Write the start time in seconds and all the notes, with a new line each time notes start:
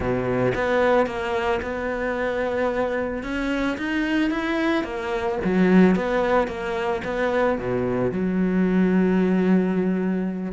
0.00 B2
0.54 B3
1.06 A#3
1.62 B3
3.23 C#4
3.77 D#4
4.30 E4
4.84 A#3
5.44 F#3
5.95 B3
6.47 A#3
7.04 B3
7.58 B2
8.11 F#3